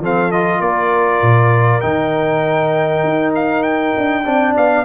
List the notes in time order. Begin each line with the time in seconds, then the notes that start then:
0.00 F3 C4 A4 F5
0.32 F4 D#5
0.60 A#3 A#4 D5
1.22 A#2
1.81 D#3 D#4 G5
3.04 D#4
3.35 F5
3.63 G5
3.98 D4
4.25 C4 D4 D5
4.57 B3 F5